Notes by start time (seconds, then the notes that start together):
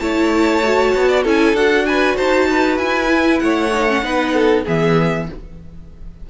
0.00 A3 E4 C#5 A5
0.64 F#4
0.95 B3
1.09 D5
1.23 C#4 E4 A4 G#5
1.54 D4 F#4 F#5
1.86 B4 G#5
2.17 D#4 C5 A5
2.50 B4
2.78 E4 G#5
3.08 E4
3.39 A3 C#5 F#5
3.73 D#4
3.88 C#4
4.03 B3 D#4 B4
4.34 A4
4.64 E3 B3 G#4 E5